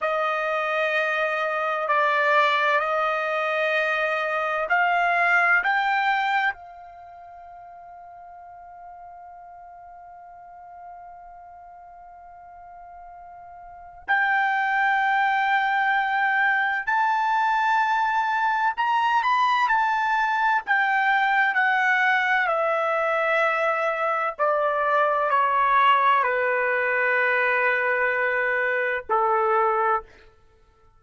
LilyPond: \new Staff \with { instrumentName = "trumpet" } { \time 4/4 \tempo 4 = 64 dis''2 d''4 dis''4~ | dis''4 f''4 g''4 f''4~ | f''1~ | f''2. g''4~ |
g''2 a''2 | ais''8 b''8 a''4 g''4 fis''4 | e''2 d''4 cis''4 | b'2. a'4 | }